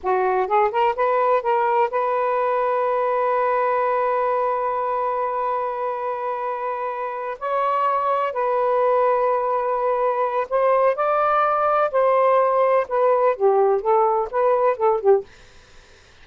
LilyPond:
\new Staff \with { instrumentName = "saxophone" } { \time 4/4 \tempo 4 = 126 fis'4 gis'8 ais'8 b'4 ais'4 | b'1~ | b'1~ | b'2.~ b'8 cis''8~ |
cis''4. b'2~ b'8~ | b'2 c''4 d''4~ | d''4 c''2 b'4 | g'4 a'4 b'4 a'8 g'8 | }